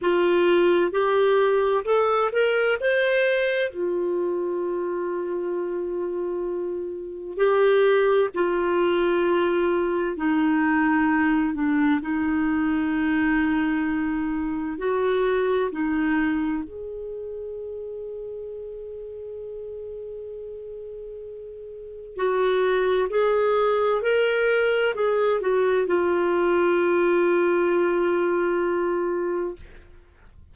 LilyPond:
\new Staff \with { instrumentName = "clarinet" } { \time 4/4 \tempo 4 = 65 f'4 g'4 a'8 ais'8 c''4 | f'1 | g'4 f'2 dis'4~ | dis'8 d'8 dis'2. |
fis'4 dis'4 gis'2~ | gis'1 | fis'4 gis'4 ais'4 gis'8 fis'8 | f'1 | }